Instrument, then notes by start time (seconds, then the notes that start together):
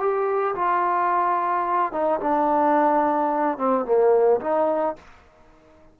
trombone
0.00 G4
0.55 F4
1.92 D#4
2.20 D4
3.58 C4
3.86 A#3
4.41 D#4